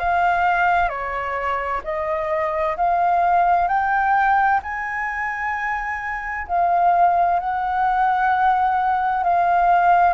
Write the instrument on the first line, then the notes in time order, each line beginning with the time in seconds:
flute
0.00 F5
0.89 C#5
1.85 D#5
2.77 F5
3.68 G5
4.63 G#5
6.48 F5
7.40 F#5
9.24 F5